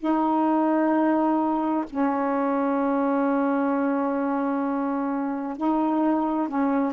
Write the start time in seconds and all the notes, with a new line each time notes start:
0.00 D#4
1.90 C#4
5.57 D#4
6.49 C#4